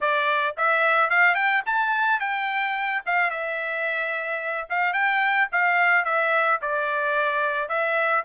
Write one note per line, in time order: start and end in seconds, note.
0.00 0.55 D5
0.57 1.09 E5
1.09 1.34 F5
1.34 1.62 G5
1.66 2.19 A5
2.19 3.02 G5
3.06 3.30 F5
3.30 4.68 E5
4.69 4.93 F5
4.93 5.48 G5
5.52 6.04 F5
6.04 6.59 E5
6.61 7.68 D5
7.68 8.23 E5